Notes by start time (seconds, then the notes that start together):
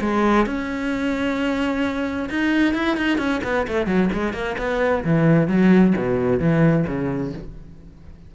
0.00 G#3
0.46 C#4
2.29 D#4
2.74 E4
2.97 D#4
3.18 C#4
3.44 B3
3.67 A3
3.86 F#3
4.13 G#3
4.33 A#3
4.58 B3
5.04 E3
5.47 F#3
5.97 B2
6.39 E3
6.87 C#3